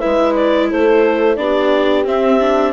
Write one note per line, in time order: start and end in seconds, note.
0.00 0.73 G#3
0.00 1.37 E4
0.00 0.69 B4
0.00 0.34 E5
0.35 0.69 D5
0.71 1.38 A3
0.71 1.39 A4
0.71 1.37 C5
1.37 2.06 B3
1.37 2.05 D4
1.37 2.73 G4
1.37 2.05 D5
2.05 2.39 C4
2.05 2.73 C4
2.05 2.73 E5
2.41 2.73 D4